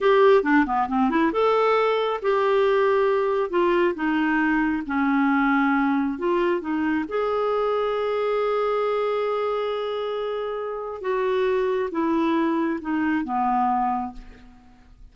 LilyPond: \new Staff \with { instrumentName = "clarinet" } { \time 4/4 \tempo 4 = 136 g'4 d'8 b8 c'8 e'8 a'4~ | a'4 g'2. | f'4 dis'2 cis'4~ | cis'2 f'4 dis'4 |
gis'1~ | gis'1~ | gis'4 fis'2 e'4~ | e'4 dis'4 b2 | }